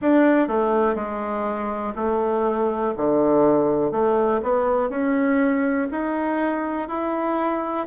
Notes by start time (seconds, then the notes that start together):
0.01 D4
0.47 A3
0.95 G#3
1.95 A3
2.96 D3
3.91 A3
4.42 B3
4.89 C#4
5.91 D#4
6.88 E4